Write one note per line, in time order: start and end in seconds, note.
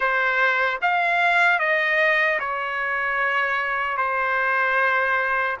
0.00 0.79 C5
0.81 1.59 F5
1.59 2.39 D#5
2.39 3.97 C#5
3.97 5.57 C5